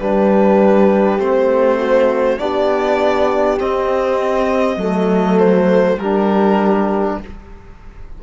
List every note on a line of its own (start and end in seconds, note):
0.00 1.19 G3
0.00 1.19 D4
0.00 1.79 G4
0.00 1.20 B4
1.19 2.39 A3
1.19 2.38 C4
1.19 2.39 C5
1.79 2.40 F#4
2.38 3.60 B3
2.38 3.58 D4
2.38 4.80 G4
2.38 3.59 D5
3.58 4.78 C4
3.58 4.77 C4
3.58 5.39 D#5
4.77 5.97 F#3
4.77 5.98 A3
4.77 6.00 A4
5.39 5.99 C5
5.98 7.17 G3
5.98 7.23 D4
5.98 7.20 G4
5.98 7.19 A#4